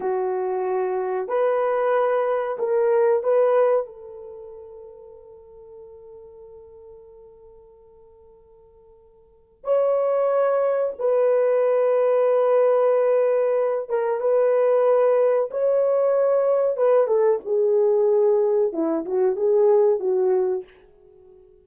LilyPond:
\new Staff \with { instrumentName = "horn" } { \time 4/4 \tempo 4 = 93 fis'2 b'2 | ais'4 b'4 a'2~ | a'1~ | a'2. cis''4~ |
cis''4 b'2.~ | b'4. ais'8 b'2 | cis''2 b'8 a'8 gis'4~ | gis'4 e'8 fis'8 gis'4 fis'4 | }